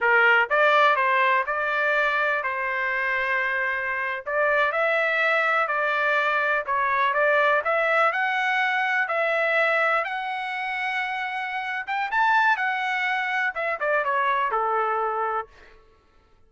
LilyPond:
\new Staff \with { instrumentName = "trumpet" } { \time 4/4 \tempo 4 = 124 ais'4 d''4 c''4 d''4~ | d''4 c''2.~ | c''8. d''4 e''2 d''16~ | d''4.~ d''16 cis''4 d''4 e''16~ |
e''8. fis''2 e''4~ e''16~ | e''8. fis''2.~ fis''16~ | fis''8 g''8 a''4 fis''2 | e''8 d''8 cis''4 a'2 | }